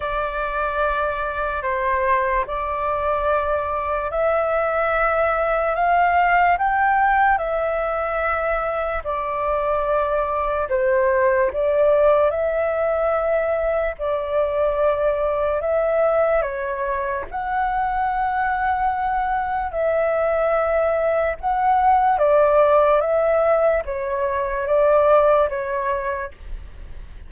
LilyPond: \new Staff \with { instrumentName = "flute" } { \time 4/4 \tempo 4 = 73 d''2 c''4 d''4~ | d''4 e''2 f''4 | g''4 e''2 d''4~ | d''4 c''4 d''4 e''4~ |
e''4 d''2 e''4 | cis''4 fis''2. | e''2 fis''4 d''4 | e''4 cis''4 d''4 cis''4 | }